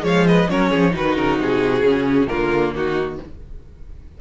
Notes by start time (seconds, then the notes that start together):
0.00 F3 G#3 C#5
0.07 F5
0.27 B4 D#5
0.49 F#3 C#4 A#4 C#5
0.71 F3 G#4
0.91 D#3 D#4 F#4 B4
1.16 C#3 A#4
1.39 C3 G#4
1.82 C#3 C#4
2.27 D3 A#3 F4 A#4
2.74 D#3 D#4 F#4